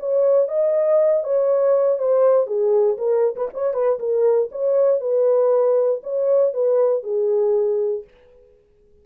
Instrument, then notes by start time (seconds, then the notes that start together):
horn
0.00 C#5
0.48 D#5
1.24 C#5
1.99 C5
2.47 G#4
2.98 A#4
3.36 B4
3.54 C#5
3.74 B4
3.99 A#4
4.52 C#5
5.01 B4
6.03 C#5
6.54 B4
7.03 G#4